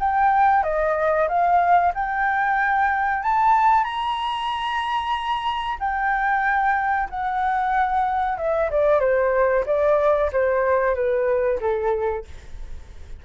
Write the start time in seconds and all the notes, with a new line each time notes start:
0.00 G5
0.64 D#5
1.28 F5
1.95 G5
3.23 A5
3.84 A#5
5.80 G5
7.10 F#5
8.38 E5
8.70 D5
9.00 C5
9.67 D5
10.33 C5
10.95 B4
11.61 A4